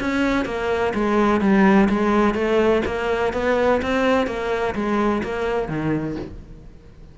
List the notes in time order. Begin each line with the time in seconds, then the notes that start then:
0.00 C#4
0.45 A#3
0.94 G#3
1.41 G3
1.89 G#3
2.34 A3
2.86 A#3
3.33 B3
3.82 C4
4.27 A#3
4.75 G#3
5.23 A#3
5.68 D#3